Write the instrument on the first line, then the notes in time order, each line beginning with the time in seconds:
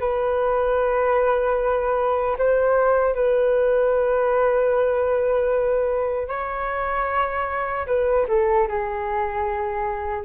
flute
0.00 B4
2.38 C5
3.15 B4
6.28 C#5
7.87 B4
8.28 A4
8.68 G#4